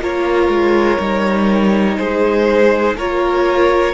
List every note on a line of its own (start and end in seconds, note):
0.00 0.48 A#3
0.00 0.99 F4
0.00 1.98 A#4
0.00 1.97 C#5
0.48 0.97 G#3
0.99 1.98 G3
0.99 2.96 D#4
1.97 2.96 G#3
1.97 2.96 G#4
1.97 2.95 C5
2.96 3.93 A#3
2.96 3.93 F4
2.96 3.93 A#4
2.96 3.93 C#5